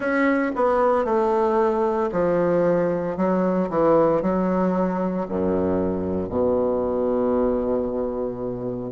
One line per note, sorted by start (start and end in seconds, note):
0.00 0.51 C#4
0.55 1.04 B3
1.04 2.10 A3
2.11 3.16 F3
3.16 3.69 F#3
3.69 4.22 E3
4.22 5.27 F#3
5.28 6.29 F#2
6.29 8.91 B2